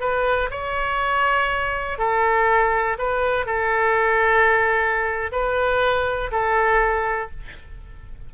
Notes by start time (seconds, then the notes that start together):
0.00 B4
0.50 C#5
1.98 A4
2.98 B4
3.45 A4
5.31 B4
6.31 A4